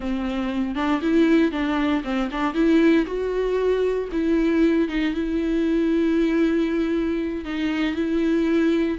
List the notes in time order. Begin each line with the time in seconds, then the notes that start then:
0.00 C4
0.75 D4
1.01 E4
1.51 D4
2.03 C4
2.31 D4
2.54 E4
3.06 F#4
4.12 E4
4.88 D#4
5.14 E4
7.44 D#4
7.95 E4